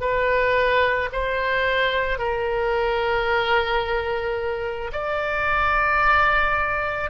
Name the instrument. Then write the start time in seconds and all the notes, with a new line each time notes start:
oboe
0.00 B4
1.12 C5
2.18 A#4
4.92 D5